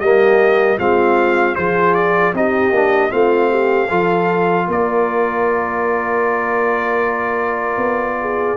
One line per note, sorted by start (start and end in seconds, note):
0.00 0.78 G3
0.00 0.79 A#3
0.00 0.78 G4
0.00 0.78 D#5
0.78 1.56 G#3
0.78 1.56 C4
0.78 1.56 F4
0.78 1.55 F5
1.55 2.33 F3
1.55 2.34 F4
1.55 2.34 G#4
1.55 1.94 C5
1.94 2.33 D5
2.33 2.71 C4
2.33 2.73 D#4
2.33 3.12 G4
2.33 3.11 D#5
2.71 3.10 A#3
2.71 3.10 D4
3.10 3.90 A3
3.10 3.88 C4
3.10 3.50 F4
3.10 4.67 F5
3.50 3.87 G4
3.87 4.68 F3
3.87 8.57 F4
3.87 4.65 A4
4.68 7.77 A#3
4.68 8.18 A#4
4.68 8.57 D5
7.77 8.55 B3
8.21 8.57 G#4